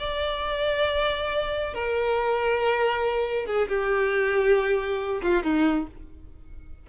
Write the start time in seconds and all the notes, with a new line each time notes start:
0.00 D5
1.74 A#4
3.47 G#4
3.69 G4
5.23 F4
5.43 D#4